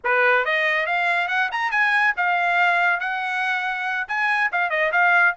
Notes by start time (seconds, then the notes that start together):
0.04 B4
0.45 D#5
0.86 F5
1.28 F#5
1.51 A#5
1.71 G#5
2.16 F5
3.00 F#5
4.08 G#5
4.51 F5
4.70 D#5
4.92 F5